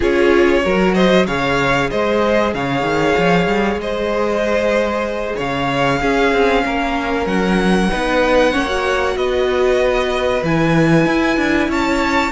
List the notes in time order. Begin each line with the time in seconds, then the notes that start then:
0.00 C#4 F4 G#4 C#5
0.63 F#3 F#4 A#4
0.94 C5 D#5
1.26 C#3 G#4 C#5 F5
1.90 G#3 C5 D#5
2.53 C#3 C#5 F5
2.81 D#3
3.17 F3
3.47 G3
3.75 G#3 C5 D#5
5.36 C#3 C#5 F5
6.01 C#4 G#4
6.32 C4
6.64 A#3 A#4
7.26 F#3 F#5
7.90 B3 D#4 B4
8.51 A#3 C#4 C#5
8.66 F#4
9.16 B3 B4 D#5
10.42 E3 E4 G#5
11.05 E4
11.36 D4
11.68 C#4 C#5 A5